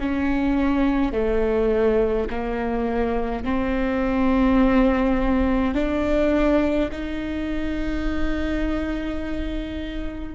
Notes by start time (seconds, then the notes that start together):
0.00 C#4
1.13 A3
2.31 A#3
3.45 C4
5.75 D4
6.92 D#4